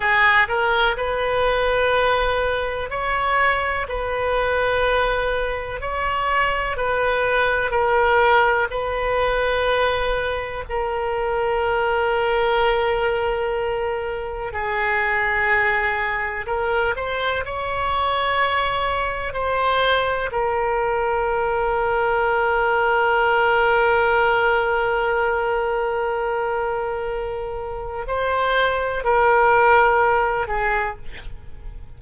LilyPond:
\new Staff \with { instrumentName = "oboe" } { \time 4/4 \tempo 4 = 62 gis'8 ais'8 b'2 cis''4 | b'2 cis''4 b'4 | ais'4 b'2 ais'4~ | ais'2. gis'4~ |
gis'4 ais'8 c''8 cis''2 | c''4 ais'2.~ | ais'1~ | ais'4 c''4 ais'4. gis'8 | }